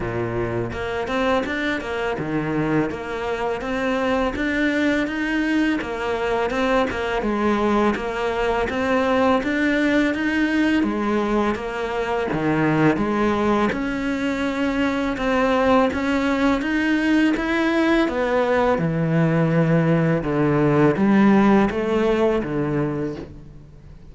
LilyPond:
\new Staff \with { instrumentName = "cello" } { \time 4/4 \tempo 4 = 83 ais,4 ais8 c'8 d'8 ais8 dis4 | ais4 c'4 d'4 dis'4 | ais4 c'8 ais8 gis4 ais4 | c'4 d'4 dis'4 gis4 |
ais4 dis4 gis4 cis'4~ | cis'4 c'4 cis'4 dis'4 | e'4 b4 e2 | d4 g4 a4 d4 | }